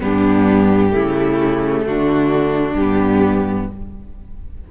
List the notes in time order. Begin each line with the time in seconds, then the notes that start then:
0.00 G2 B3 D4 G4
0.91 C#3 A3 E4
1.85 D3 D4 F#4
2.75 G2 B3 G4